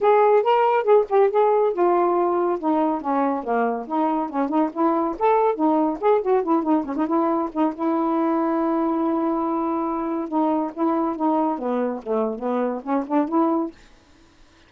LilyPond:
\new Staff \with { instrumentName = "saxophone" } { \time 4/4 \tempo 4 = 140 gis'4 ais'4 gis'8 g'8 gis'4 | f'2 dis'4 cis'4 | ais4 dis'4 cis'8 dis'8 e'4 | a'4 dis'4 gis'8 fis'8 e'8 dis'8 |
cis'16 dis'16 e'4 dis'8 e'2~ | e'1 | dis'4 e'4 dis'4 b4 | a4 b4 cis'8 d'8 e'4 | }